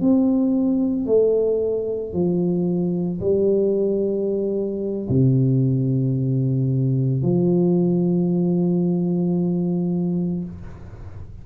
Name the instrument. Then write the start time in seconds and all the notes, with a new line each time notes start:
tuba
0.00 C4
1.06 A3
2.13 F3
3.20 G3
5.08 C3
7.22 F3